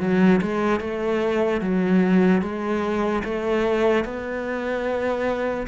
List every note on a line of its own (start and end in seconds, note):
0.00 0.41 F#3
0.41 0.80 G#3
0.80 1.61 A3
1.61 2.41 F#3
2.41 3.22 G#3
3.24 4.05 A3
4.05 5.67 B3